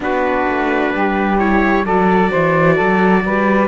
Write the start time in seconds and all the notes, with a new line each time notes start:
0.00 B3 D4 F#4 B4
0.48 A3
0.93 G3 G4
1.38 E4 C#5
1.83 F#3 F#4 A4 D5
2.29 E3 C5
2.74 F#3 A4
3.24 G3 B4